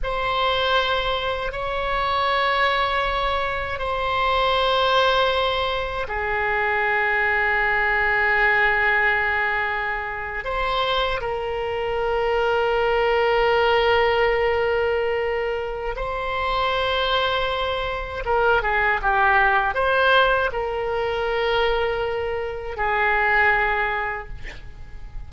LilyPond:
\new Staff \with { instrumentName = "oboe" } { \time 4/4 \tempo 4 = 79 c''2 cis''2~ | cis''4 c''2. | gis'1~ | gis'4.~ gis'16 c''4 ais'4~ ais'16~ |
ais'1~ | ais'4 c''2. | ais'8 gis'8 g'4 c''4 ais'4~ | ais'2 gis'2 | }